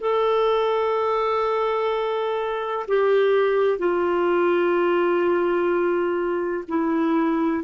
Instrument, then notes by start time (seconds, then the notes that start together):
clarinet
0.00 A4
2.87 G4
3.78 F4
6.68 E4